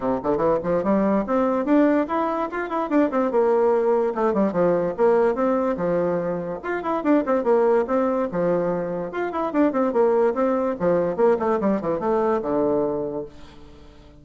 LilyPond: \new Staff \with { instrumentName = "bassoon" } { \time 4/4 \tempo 4 = 145 c8 d8 e8 f8 g4 c'4 | d'4 e'4 f'8 e'8 d'8 c'8 | ais2 a8 g8 f4 | ais4 c'4 f2 |
f'8 e'8 d'8 c'8 ais4 c'4 | f2 f'8 e'8 d'8 c'8 | ais4 c'4 f4 ais8 a8 | g8 e8 a4 d2 | }